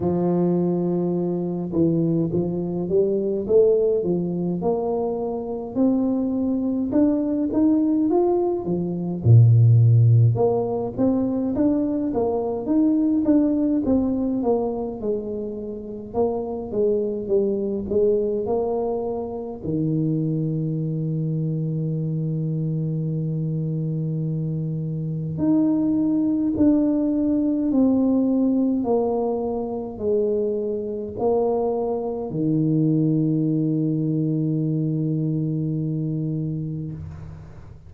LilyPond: \new Staff \with { instrumentName = "tuba" } { \time 4/4 \tempo 4 = 52 f4. e8 f8 g8 a8 f8 | ais4 c'4 d'8 dis'8 f'8 f8 | ais,4 ais8 c'8 d'8 ais8 dis'8 d'8 | c'8 ais8 gis4 ais8 gis8 g8 gis8 |
ais4 dis2.~ | dis2 dis'4 d'4 | c'4 ais4 gis4 ais4 | dis1 | }